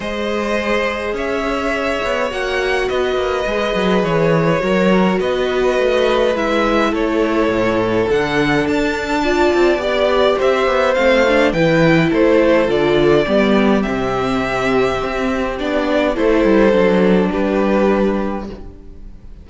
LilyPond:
<<
  \new Staff \with { instrumentName = "violin" } { \time 4/4 \tempo 4 = 104 dis''2 e''2 | fis''4 dis''2 cis''4~ | cis''4 dis''2 e''4 | cis''2 fis''4 a''4~ |
a''4 d''4 e''4 f''4 | g''4 c''4 d''2 | e''2. d''4 | c''2 b'2 | }
  \new Staff \with { instrumentName = "violin" } { \time 4/4 c''2 cis''2~ | cis''4 b'2. | ais'4 b'2. | a'1 |
d''2 c''2 | b'4 a'2 g'4~ | g'1 | a'2 g'2 | }
  \new Staff \with { instrumentName = "viola" } { \time 4/4 gis'1 | fis'2 gis'2 | fis'2. e'4~ | e'2 d'2 |
f'4 g'2 c'8 d'8 | e'2 f'4 b4 | c'2. d'4 | e'4 d'2. | }
  \new Staff \with { instrumentName = "cello" } { \time 4/4 gis2 cis'4. b8 | ais4 b8 ais8 gis8 fis8 e4 | fis4 b4 a4 gis4 | a4 a,4 d4 d'4~ |
d'8 c'8 b4 c'8 b8 a4 | e4 a4 d4 g4 | c2 c'4 b4 | a8 g8 fis4 g2 | }
>>